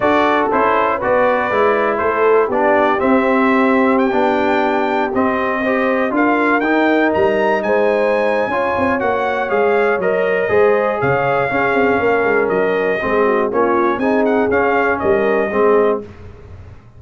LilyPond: <<
  \new Staff \with { instrumentName = "trumpet" } { \time 4/4 \tempo 4 = 120 d''4 c''4 d''2 | c''4 d''4 e''2 | g''2~ g''16 dis''4.~ dis''16~ | dis''16 f''4 g''4 ais''4 gis''8.~ |
gis''2 fis''4 f''4 | dis''2 f''2~ | f''4 dis''2 cis''4 | gis''8 fis''8 f''4 dis''2 | }
  \new Staff \with { instrumentName = "horn" } { \time 4/4 a'2 b'2 | a'4 g'2.~ | g'2.~ g'16 c''8.~ | c''16 ais'2. c''8.~ |
c''4 cis''2.~ | cis''4 c''4 cis''4 gis'4 | ais'2 gis'8 fis'8 f'4 | gis'2 ais'4 gis'4 | }
  \new Staff \with { instrumentName = "trombone" } { \time 4/4 fis'4 e'4 fis'4 e'4~ | e'4 d'4 c'2~ | c'16 d'2 c'4 g'8.~ | g'16 f'4 dis'2~ dis'8.~ |
dis'4 f'4 fis'4 gis'4 | ais'4 gis'2 cis'4~ | cis'2 c'4 cis'4 | dis'4 cis'2 c'4 | }
  \new Staff \with { instrumentName = "tuba" } { \time 4/4 d'4 cis'4 b4 gis4 | a4 b4 c'2~ | c'16 b2 c'4.~ c'16~ | c'16 d'4 dis'4 g4 gis8.~ |
gis4 cis'8 c'8 ais4 gis4 | fis4 gis4 cis4 cis'8 c'8 | ais8 gis8 fis4 gis4 ais4 | c'4 cis'4 g4 gis4 | }
>>